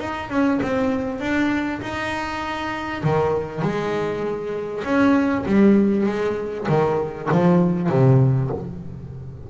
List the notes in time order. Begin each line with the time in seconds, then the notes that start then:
0.00 D#4
0.30 C#4
0.62 C4
1.20 D4
1.81 D#4
3.03 D#3
3.62 G#3
4.84 C#4
5.46 G3
6.06 G#3
6.69 D#3
7.31 F3
7.90 C3